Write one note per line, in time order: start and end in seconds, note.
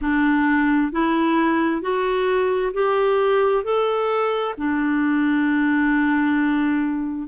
0.01 0.92 D4
0.92 1.81 E4
1.81 2.72 F#4
2.73 3.64 G4
3.64 4.55 A4
4.57 7.28 D4